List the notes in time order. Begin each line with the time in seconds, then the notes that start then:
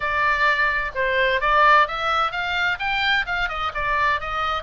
0.00 D5
0.94 C5
1.41 D5
1.87 E5
2.31 F5
2.79 G5
3.26 F5
3.48 D#5
3.74 D5
4.20 D#5